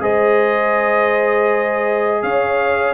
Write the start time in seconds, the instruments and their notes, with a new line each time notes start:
0.00 tuba G#3, trombone G#4, horn C5, trumpet D#5
2.23 tuba C#4, horn C#5, trumpet F5